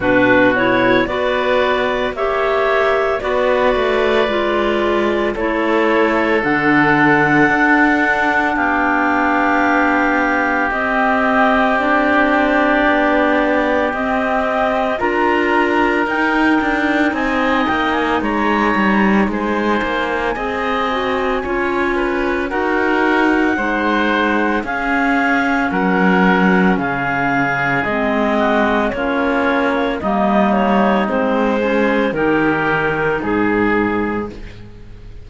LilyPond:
<<
  \new Staff \with { instrumentName = "clarinet" } { \time 4/4 \tempo 4 = 56 b'8 cis''8 d''4 e''4 d''4~ | d''4 cis''4 fis''2 | f''2 dis''4 d''4~ | d''4 dis''4 ais''4 g''4 |
gis''8 g''16 gis''16 ais''4 gis''2~ | gis''4 fis''2 f''4 | fis''4 f''4 dis''4 cis''4 | dis''8 cis''8 c''4 ais'4 gis'4 | }
  \new Staff \with { instrumentName = "oboe" } { \time 4/4 fis'4 b'4 cis''4 b'4~ | b'4 a'2. | g'1~ | g'2 ais'2 |
dis''4 cis''4 c''4 dis''4 | cis''8 b'8 ais'4 c''4 gis'4 | ais'4 gis'4. fis'8 f'4 | dis'4. gis'8 g'4 gis'4 | }
  \new Staff \with { instrumentName = "clarinet" } { \time 4/4 d'8 e'8 fis'4 g'4 fis'4 | f'4 e'4 d'2~ | d'2 c'4 d'4~ | d'4 c'4 f'4 dis'4~ |
dis'2. gis'8 fis'8 | f'4 fis'4 dis'4 cis'4~ | cis'2 c'4 cis'4 | ais4 c'8 cis'8 dis'2 | }
  \new Staff \with { instrumentName = "cello" } { \time 4/4 b,4 b4 ais4 b8 a8 | gis4 a4 d4 d'4 | b2 c'2 | b4 c'4 d'4 dis'8 d'8 |
c'8 ais8 gis8 g8 gis8 ais8 c'4 | cis'4 dis'4 gis4 cis'4 | fis4 cis4 gis4 ais4 | g4 gis4 dis4 gis,4 | }
>>